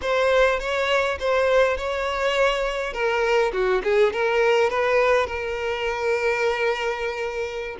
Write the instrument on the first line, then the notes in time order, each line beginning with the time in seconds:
violin
0.01 C5
0.59 C#5
1.19 C5
1.77 C#5
2.93 A#4
3.52 F#4
3.83 G#4
4.13 A#4
4.70 B4
5.26 A#4